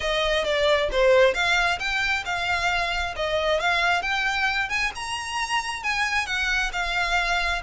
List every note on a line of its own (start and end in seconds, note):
0.00 0.44 D#5
0.44 0.89 D5
0.91 1.34 C5
1.34 1.78 F5
1.79 2.23 G5
2.25 3.14 F5
3.16 3.60 D#5
3.60 4.02 F5
4.02 4.69 G5
4.69 4.91 G#5
4.95 5.83 A#5
5.83 6.26 G#5
6.26 6.71 F#5
6.72 7.62 F5